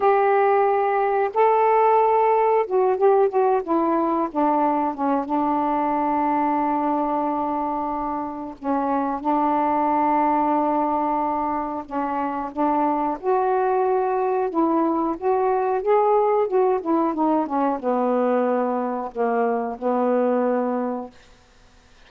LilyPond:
\new Staff \with { instrumentName = "saxophone" } { \time 4/4 \tempo 4 = 91 g'2 a'2 | fis'8 g'8 fis'8 e'4 d'4 cis'8 | d'1~ | d'4 cis'4 d'2~ |
d'2 cis'4 d'4 | fis'2 e'4 fis'4 | gis'4 fis'8 e'8 dis'8 cis'8 b4~ | b4 ais4 b2 | }